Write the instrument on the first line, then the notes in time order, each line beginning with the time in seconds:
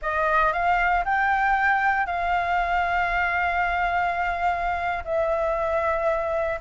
flute
0.02 D#5
0.52 F5
1.04 G5
2.06 F5
5.04 E5